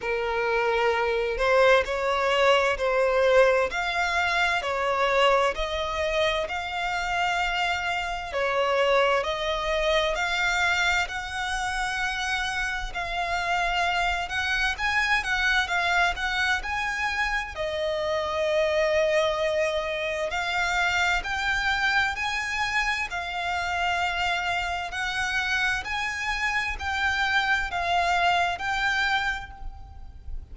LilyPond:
\new Staff \with { instrumentName = "violin" } { \time 4/4 \tempo 4 = 65 ais'4. c''8 cis''4 c''4 | f''4 cis''4 dis''4 f''4~ | f''4 cis''4 dis''4 f''4 | fis''2 f''4. fis''8 |
gis''8 fis''8 f''8 fis''8 gis''4 dis''4~ | dis''2 f''4 g''4 | gis''4 f''2 fis''4 | gis''4 g''4 f''4 g''4 | }